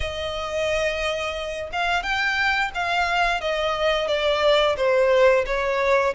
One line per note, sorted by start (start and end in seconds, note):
0.00 1.70 D#5
1.72 2.03 F5
2.03 2.71 G5
2.74 3.41 F5
3.41 4.07 D#5
4.07 4.75 D5
4.76 5.45 C5
5.45 6.14 C#5